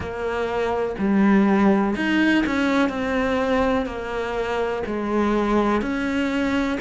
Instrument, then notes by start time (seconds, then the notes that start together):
cello
0.00 A#3
0.98 G3
1.96 D#4
2.46 C#4
2.89 C4
3.85 A#3
4.86 G#3
5.81 C#4